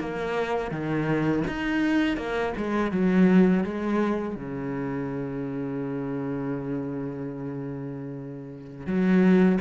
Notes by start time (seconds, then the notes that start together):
0.00 A#3
0.71 D#3
1.48 D#4
2.17 A#3
2.57 G#3
2.92 F#3
3.64 G#3
4.35 C#3
8.87 F#3